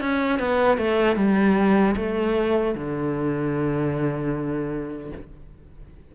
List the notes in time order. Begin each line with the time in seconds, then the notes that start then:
0.00 C#4
0.39 B3
0.77 A3
1.16 G3
1.96 A3
2.75 D3